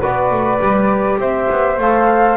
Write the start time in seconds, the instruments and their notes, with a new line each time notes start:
0.00 double bass B3, trombone F#4, flute B4 D5
0.30 double bass A3
0.60 double bass G3, trombone G4
1.18 double bass C4, flute C5 E5
1.49 double bass B3
1.77 double bass A3, trombone A4, flute F5